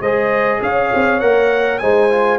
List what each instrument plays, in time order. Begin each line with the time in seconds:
0.00 tuba G#3, trombone G#4, horn C5, trumpet D#5
0.62 tuba C#4, horn C#5, trumpet F5
0.94 tuba C4
1.20 tuba A#3, trombone A#4, trumpet F#5
1.78 tuba G#3, trombone D#4, horn C5, trumpet G#5
2.10 trombone F4